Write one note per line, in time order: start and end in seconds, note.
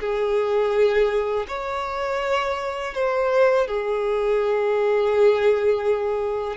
0.00 1.46 G#4
1.48 2.94 C#5
2.94 3.68 C5
3.68 6.57 G#4